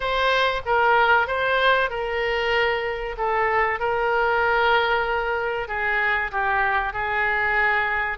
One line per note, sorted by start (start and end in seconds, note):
0.00 0.61 C5
0.65 1.27 A#4
1.27 1.89 C5
1.89 3.16 A#4
3.17 3.79 A4
3.79 5.68 A#4
5.68 6.31 G#4
6.31 6.93 G4
6.93 8.18 G#4